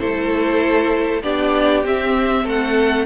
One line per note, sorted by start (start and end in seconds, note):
0.00 1.23 A3
0.00 1.23 E4
0.00 1.23 A4
0.00 1.22 C5
1.23 1.85 B3
1.23 1.85 D4
1.23 2.44 G4
1.23 1.84 D5
1.85 2.46 C4
1.85 3.07 C4
1.85 2.48 E5
2.44 3.07 A3
2.44 3.05 A4
2.44 3.07 F#5